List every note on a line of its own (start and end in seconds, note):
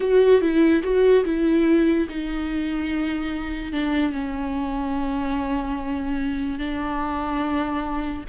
0.00 0.41 F#4
0.41 0.82 E4
0.83 1.24 F#4
1.25 2.07 E4
2.08 3.72 D#4
3.72 4.12 D4
4.12 6.58 C#4
6.58 8.24 D4